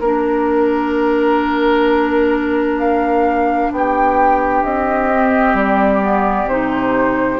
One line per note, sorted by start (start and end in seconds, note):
0.00 3.69 A#3
0.00 5.12 D4
0.00 3.70 A#4
0.00 2.79 A#4
2.79 3.72 F5
3.71 4.64 B3
3.71 7.40 G4
3.71 4.64 G5
4.64 5.54 C4
4.64 5.56 D#5
5.12 6.03 C4
5.54 6.45 G3
5.54 6.49 D5
6.03 6.49 B3
6.45 7.37 C3
6.45 7.40 D#4
6.45 7.40 C5